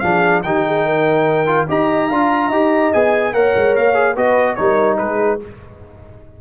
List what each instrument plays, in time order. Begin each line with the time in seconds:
0.00 tuba F3, trombone D4, horn G#4, trumpet F5
0.43 tuba D#3, trombone D#4, horn G4, trumpet G5
0.66 horn G#4
0.86 horn A#4
1.47 trombone F4
1.69 tuba D#4, trombone G4, horn D#5, trumpet A#5
2.08 tuba D4, trombone F4, horn F5
2.49 tuba D#4, trombone G4, horn D#5
2.94 tuba B3, trombone G#4, trumpet G#5
3.34 tuba A#3, trombone A#4, horn C#5, trumpet F#5
3.56 tuba G#3
3.76 tuba A#3, trumpet F5
3.95 trombone G#4
4.15 tuba B3, trombone F#4, horn B4, trumpet D#5
4.56 tuba G3, trombone D#4, horn A#4, trumpet C#5
4.99 tuba G#3, horn G#4, trumpet B4